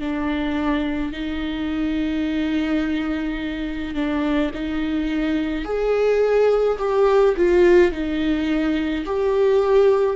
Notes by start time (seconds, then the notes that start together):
0.00 D4
1.13 D#4
3.95 D4
4.54 D#4
5.65 G#4
6.79 G4
7.37 F4
7.92 D#4
9.06 G4